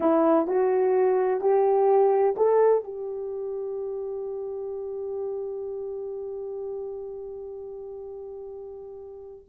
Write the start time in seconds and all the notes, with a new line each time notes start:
0.00 E4
0.47 F#4
1.40 G4
2.36 A4
2.83 G4